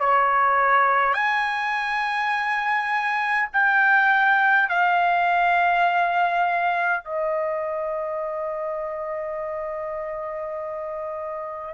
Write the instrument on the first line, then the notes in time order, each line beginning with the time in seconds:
trumpet
0.00 C#5
1.14 G#5
3.53 G5
4.69 F5
7.04 D#5